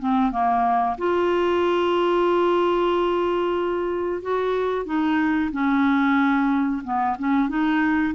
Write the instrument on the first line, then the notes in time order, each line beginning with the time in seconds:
clarinet
0.00 C4
0.32 A#3
0.98 F4
4.22 F#4
4.86 D#4
5.52 C#4
6.84 B3
7.19 C#4
7.49 D#4